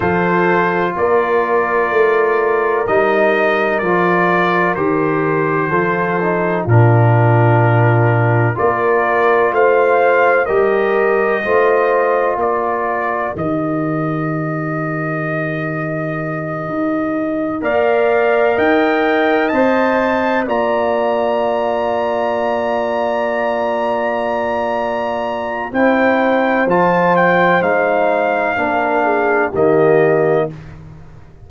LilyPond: <<
  \new Staff \with { instrumentName = "trumpet" } { \time 4/4 \tempo 4 = 63 c''4 d''2 dis''4 | d''4 c''2 ais'4~ | ais'4 d''4 f''4 dis''4~ | dis''4 d''4 dis''2~ |
dis''2~ dis''8 f''4 g''8~ | g''8 a''4 ais''2~ ais''8~ | ais''2. g''4 | a''8 g''8 f''2 dis''4 | }
  \new Staff \with { instrumentName = "horn" } { \time 4/4 a'4 ais'2.~ | ais'2 a'4 f'4~ | f'4 ais'4 c''4 ais'4 | c''4 ais'2.~ |
ais'2~ ais'8 d''4 dis''8~ | dis''4. d''2~ d''8~ | d''2. c''4~ | c''2 ais'8 gis'8 g'4 | }
  \new Staff \with { instrumentName = "trombone" } { \time 4/4 f'2. dis'4 | f'4 g'4 f'8 dis'8 d'4~ | d'4 f'2 g'4 | f'2 g'2~ |
g'2~ g'8 ais'4.~ | ais'8 c''4 f'2~ f'8~ | f'2. e'4 | f'4 dis'4 d'4 ais4 | }
  \new Staff \with { instrumentName = "tuba" } { \time 4/4 f4 ais4 a4 g4 | f4 dis4 f4 ais,4~ | ais,4 ais4 a4 g4 | a4 ais4 dis2~ |
dis4. dis'4 ais4 dis'8~ | dis'8 c'4 ais2~ ais8~ | ais2. c'4 | f4 gis4 ais4 dis4 | }
>>